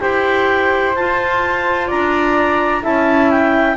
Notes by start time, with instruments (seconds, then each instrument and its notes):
0.00 double bass E4, clarinet G4 G5, flute C5
0.95 double bass F4, clarinet F4 A5
1.87 double bass D4, flute D5, clarinet A#5
2.82 double bass C#4, clarinet E4 A5, flute E5
3.30 clarinet G5